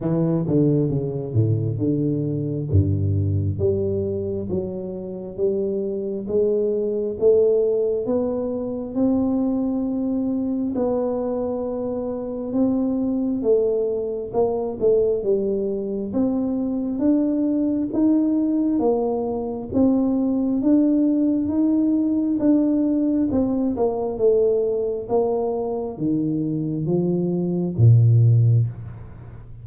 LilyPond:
\new Staff \with { instrumentName = "tuba" } { \time 4/4 \tempo 4 = 67 e8 d8 cis8 a,8 d4 g,4 | g4 fis4 g4 gis4 | a4 b4 c'2 | b2 c'4 a4 |
ais8 a8 g4 c'4 d'4 | dis'4 ais4 c'4 d'4 | dis'4 d'4 c'8 ais8 a4 | ais4 dis4 f4 ais,4 | }